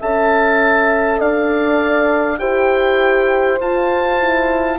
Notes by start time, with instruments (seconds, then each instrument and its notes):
0.00 bassoon C#4, horn A4 E5, oboe A5
1.19 bassoon D4, horn D5, oboe F5
2.39 bassoon E4, horn G4 C5, oboe G5
3.60 horn F4, bassoon F4, oboe A5
4.20 horn E4